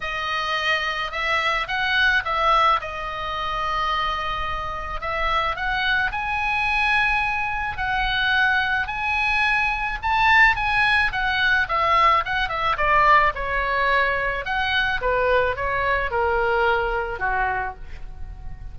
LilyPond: \new Staff \with { instrumentName = "oboe" } { \time 4/4 \tempo 4 = 108 dis''2 e''4 fis''4 | e''4 dis''2.~ | dis''4 e''4 fis''4 gis''4~ | gis''2 fis''2 |
gis''2 a''4 gis''4 | fis''4 e''4 fis''8 e''8 d''4 | cis''2 fis''4 b'4 | cis''4 ais'2 fis'4 | }